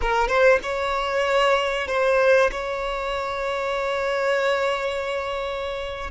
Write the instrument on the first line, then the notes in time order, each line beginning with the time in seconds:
violin
0.01 A#4
0.28 C5
0.62 C#5
1.88 C5
2.51 C#5